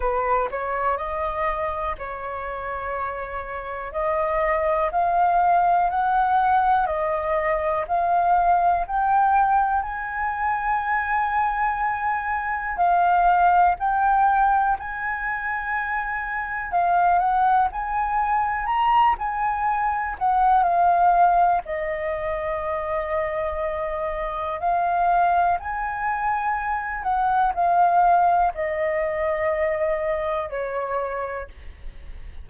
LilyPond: \new Staff \with { instrumentName = "flute" } { \time 4/4 \tempo 4 = 61 b'8 cis''8 dis''4 cis''2 | dis''4 f''4 fis''4 dis''4 | f''4 g''4 gis''2~ | gis''4 f''4 g''4 gis''4~ |
gis''4 f''8 fis''8 gis''4 ais''8 gis''8~ | gis''8 fis''8 f''4 dis''2~ | dis''4 f''4 gis''4. fis''8 | f''4 dis''2 cis''4 | }